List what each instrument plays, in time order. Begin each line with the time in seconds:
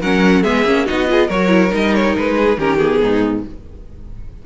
0.00 cello F#3, viola C#4, violin A#4 F#5
0.42 cello G#3, viola B3, violin G#4 E5
0.64 cello A#3, viola C#4
0.85 cello B3, viola D#4, violin F#4 D#5
1.07 viola F4, violin G#4
1.27 cello F#3, viola F#4, violin A#4 C#5
1.48 viola E4
1.69 cello G3, viola D#4, violin D#5
1.94 violin C#5
2.16 cello G#3, violin B4
2.36 violin G#4
2.57 cello D#3, viola C#4, violin G4 A#4
2.77 viola B3, violin G#4
3.02 cello G#2, violin D#4